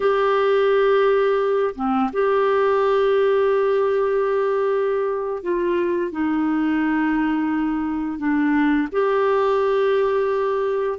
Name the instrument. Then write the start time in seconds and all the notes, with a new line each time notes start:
clarinet
0.00 G4
1.75 C4
2.12 G4
5.43 F4
6.11 D#4
8.18 D4
8.92 G4